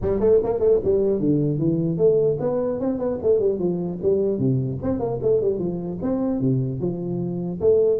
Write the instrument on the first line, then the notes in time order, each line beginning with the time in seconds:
tuba
0.01 G3
0.19 A3
0.43 A#3
0.59 A3
0.84 G3
1.19 D3
1.58 E3
1.97 A3
2.40 B3
2.80 C4
2.98 B3
3.22 A3
3.39 G3
3.59 F3
4.02 G3
4.38 C3
4.82 C4
4.99 A#3
5.21 A3
5.41 G3
5.59 F3
6.01 C4
6.40 C3
6.79 F3
7.60 A3